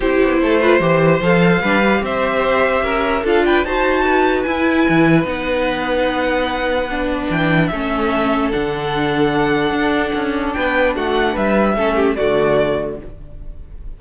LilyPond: <<
  \new Staff \with { instrumentName = "violin" } { \time 4/4 \tempo 4 = 148 c''2. f''4~ | f''4 e''2. | f''8 g''8 a''2 gis''4~ | gis''4 fis''2.~ |
fis''2 g''4 e''4~ | e''4 fis''2.~ | fis''2 g''4 fis''4 | e''2 d''2 | }
  \new Staff \with { instrumentName = "violin" } { \time 4/4 g'4 a'8 b'8 c''2 | b'4 c''2 ais'4 | a'8 b'8 c''4 b'2~ | b'1~ |
b'2. a'4~ | a'1~ | a'2 b'4 fis'4 | b'4 a'8 g'8 fis'2 | }
  \new Staff \with { instrumentName = "viola" } { \time 4/4 e'4. f'8 g'4 a'4 | d'8 g'2.~ g'8 | f'4 fis'2 e'4~ | e'4 dis'2.~ |
dis'4 d'2 cis'4~ | cis'4 d'2.~ | d'1~ | d'4 cis'4 a2 | }
  \new Staff \with { instrumentName = "cello" } { \time 4/4 c'8 b8 a4 e4 f4 | g4 c'2 cis'4 | d'4 dis'2 e'4 | e4 b2.~ |
b2 e4 a4~ | a4 d2. | d'4 cis'4 b4 a4 | g4 a4 d2 | }
>>